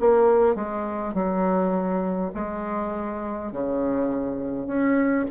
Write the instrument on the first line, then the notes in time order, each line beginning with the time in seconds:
bassoon
0.00 A#3
0.55 G#3
1.13 F#3
2.34 G#3
3.51 C#3
4.66 C#4